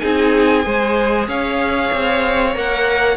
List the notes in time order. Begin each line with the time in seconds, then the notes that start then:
0.00 C4 D#4 G#4 G#5
0.63 G#3 G#4 C5
1.28 C#4 C#5 F5
1.93 C4
2.54 A#3 A#4 F#5